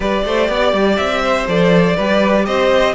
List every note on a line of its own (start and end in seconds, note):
0.00 0.24 G3
0.00 1.47 G4
0.00 0.24 B4
0.00 0.97 D5
0.24 0.48 A3
0.24 0.50 C5
0.48 0.73 B3
0.48 1.22 D5
0.73 0.97 G3
0.97 1.47 C4
0.97 1.46 E5
1.22 1.95 C5
1.47 1.96 F3
1.47 1.96 A4
1.47 2.45 D5
1.96 2.47 G3
1.96 2.94 G4
1.96 2.45 B4
2.45 2.94 C4
2.45 2.94 C5
2.45 2.94 D#5